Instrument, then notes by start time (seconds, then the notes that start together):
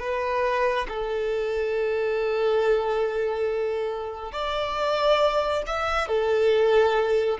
violin
0.00 B4
0.88 A4
4.32 D5
5.66 E5
6.08 A4